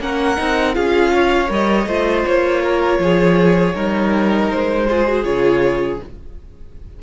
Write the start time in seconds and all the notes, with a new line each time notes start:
0.00 A#3 C#4 A#4 F#5
0.37 C4 D#4
0.74 C#4 F4 G#4 F5
1.14 C#5
1.48 G3 A#4 D#5
1.87 A3 F4 C5
2.26 A#3 C#5
2.62 A#4
2.99 F3 G#4
3.75 G3 D#4 A#4
4.50 G#3 C5
4.89 F4 G#4
5.07 F#4
5.24 C#3 F4 C#5